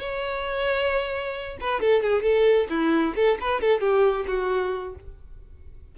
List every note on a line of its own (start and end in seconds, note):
0.00 1.58 C#5
1.61 1.81 B4
1.81 2.02 A4
2.02 2.22 G#4
2.22 2.68 A4
2.70 3.15 E4
3.16 3.38 A4
3.41 3.61 B4
3.61 3.80 A4
3.80 4.25 G4
4.27 4.95 F#4